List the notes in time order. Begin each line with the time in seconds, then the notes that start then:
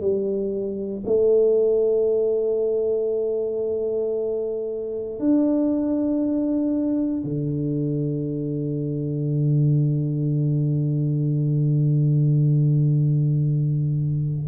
0.00 G3
1.06 A3
5.19 D4
7.23 D3